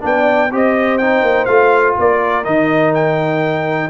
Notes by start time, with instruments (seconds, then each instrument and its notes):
0.00 tuba B3, trombone D4, horn D5, trumpet G5
0.51 tuba C4, trombone G4, horn C5, trumpet D#5
0.98 trombone D#4, trumpet G5
1.22 tuba A#3
1.45 tuba A3, trombone F4, trumpet F5
1.99 tuba A#3, horn A#4, trumpet D5
2.44 tuba D#3, trombone D#4, trumpet D#5
2.95 trumpet G5